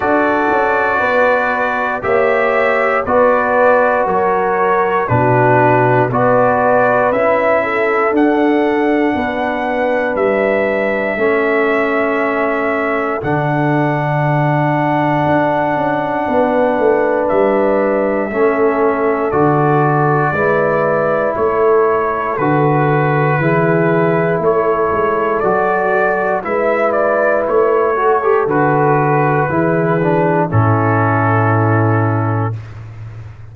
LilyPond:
<<
  \new Staff \with { instrumentName = "trumpet" } { \time 4/4 \tempo 4 = 59 d''2 e''4 d''4 | cis''4 b'4 d''4 e''4 | fis''2 e''2~ | e''4 fis''2.~ |
fis''4 e''2 d''4~ | d''4 cis''4 b'2 | cis''4 d''4 e''8 d''8 cis''4 | b'2 a'2 | }
  \new Staff \with { instrumentName = "horn" } { \time 4/4 a'4 b'4 cis''4 b'4 | ais'4 fis'4 b'4. a'8~ | a'4 b'2 a'4~ | a'1 |
b'2 a'2 | b'4 a'2 gis'4 | a'2 b'4. a'8~ | a'4 gis'4 e'2 | }
  \new Staff \with { instrumentName = "trombone" } { \time 4/4 fis'2 g'4 fis'4~ | fis'4 d'4 fis'4 e'4 | d'2. cis'4~ | cis'4 d'2.~ |
d'2 cis'4 fis'4 | e'2 fis'4 e'4~ | e'4 fis'4 e'4. fis'16 g'16 | fis'4 e'8 d'8 cis'2 | }
  \new Staff \with { instrumentName = "tuba" } { \time 4/4 d'8 cis'8 b4 ais4 b4 | fis4 b,4 b4 cis'4 | d'4 b4 g4 a4~ | a4 d2 d'8 cis'8 |
b8 a8 g4 a4 d4 | gis4 a4 d4 e4 | a8 gis8 fis4 gis4 a4 | d4 e4 a,2 | }
>>